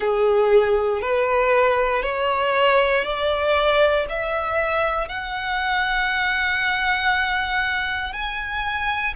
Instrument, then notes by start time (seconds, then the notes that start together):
violin
0.00 G#4
1.01 B4
2.02 C#5
3.04 D5
4.09 E5
5.08 F#5
8.12 G#5